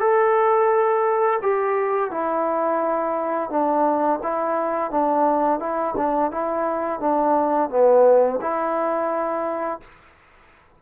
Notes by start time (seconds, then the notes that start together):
0.00 A4
1.42 G4
2.11 E4
3.50 D4
4.23 E4
4.91 D4
5.60 E4
5.97 D4
6.31 E4
7.00 D4
7.70 B3
8.41 E4